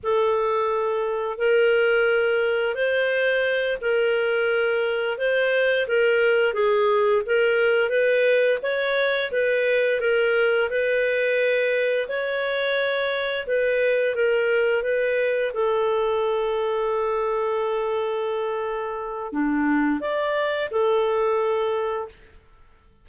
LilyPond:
\new Staff \with { instrumentName = "clarinet" } { \time 4/4 \tempo 4 = 87 a'2 ais'2 | c''4. ais'2 c''8~ | c''8 ais'4 gis'4 ais'4 b'8~ | b'8 cis''4 b'4 ais'4 b'8~ |
b'4. cis''2 b'8~ | b'8 ais'4 b'4 a'4.~ | a'1 | d'4 d''4 a'2 | }